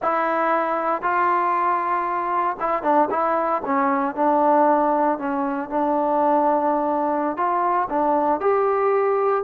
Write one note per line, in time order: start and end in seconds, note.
0.02 1.01 E4
1.01 2.57 F4
2.60 2.82 E4
2.82 3.08 D4
3.10 3.62 E4
3.65 4.15 C#4
4.15 5.18 D4
5.18 5.69 C#4
5.69 7.36 D4
7.36 7.88 F4
7.89 8.40 D4
8.40 9.43 G4